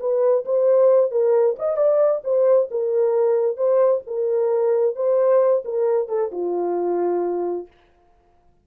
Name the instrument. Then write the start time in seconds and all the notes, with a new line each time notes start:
horn
0.00 B4
0.45 C5
1.11 A#4
1.59 D#5
1.77 D5
2.24 C5
2.71 A#4
3.57 C5
4.07 A#4
4.96 C5
5.65 A#4
6.08 A4
6.32 F4